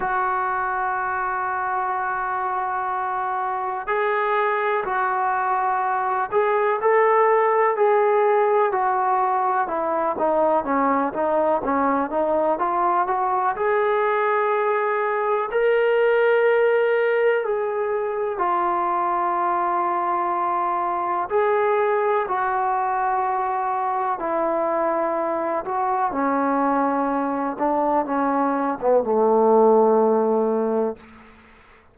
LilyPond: \new Staff \with { instrumentName = "trombone" } { \time 4/4 \tempo 4 = 62 fis'1 | gis'4 fis'4. gis'8 a'4 | gis'4 fis'4 e'8 dis'8 cis'8 dis'8 | cis'8 dis'8 f'8 fis'8 gis'2 |
ais'2 gis'4 f'4~ | f'2 gis'4 fis'4~ | fis'4 e'4. fis'8 cis'4~ | cis'8 d'8 cis'8. b16 a2 | }